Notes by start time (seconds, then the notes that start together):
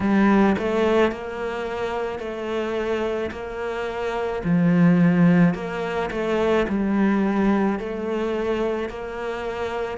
0.00 G3
0.58 A3
1.11 A#3
2.19 A3
3.31 A#3
4.44 F3
5.54 A#3
6.11 A3
6.68 G3
7.79 A3
8.89 A#3